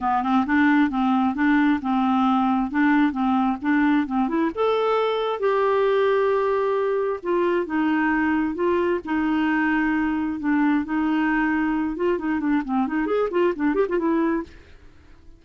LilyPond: \new Staff \with { instrumentName = "clarinet" } { \time 4/4 \tempo 4 = 133 b8 c'8 d'4 c'4 d'4 | c'2 d'4 c'4 | d'4 c'8 e'8 a'2 | g'1 |
f'4 dis'2 f'4 | dis'2. d'4 | dis'2~ dis'8 f'8 dis'8 d'8 | c'8 dis'8 gis'8 f'8 d'8 g'16 f'16 e'4 | }